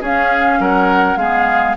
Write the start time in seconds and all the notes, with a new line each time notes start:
0.00 C#4 G#4 F5
0.59 F#3 A#4 F#5
1.16 G#3 B3 G#4 F5